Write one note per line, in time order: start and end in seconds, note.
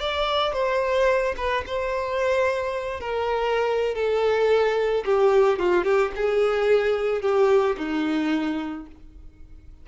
0.00 0.53 D5
0.53 1.35 C5
1.37 1.64 B4
1.66 3.00 C5
3.00 3.95 A#4
3.95 5.04 A4
5.05 5.59 G4
5.59 5.84 F4
5.84 6.11 G4
6.15 7.21 G#4
7.21 7.76 G4
7.77 8.86 D#4